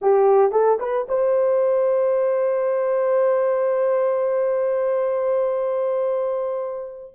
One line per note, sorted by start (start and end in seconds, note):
0.01 0.51 G4
0.51 0.78 A4
0.79 1.06 B4
1.08 7.15 C5